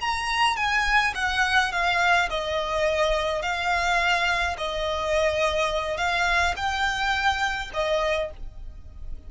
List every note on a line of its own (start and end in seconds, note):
0.00 0.56 A#5
0.56 1.13 G#5
1.14 1.71 F#5
1.72 2.29 F5
2.29 3.42 D#5
3.42 4.56 F5
4.57 5.97 D#5
5.97 6.54 F5
6.56 7.70 G5
7.73 8.30 D#5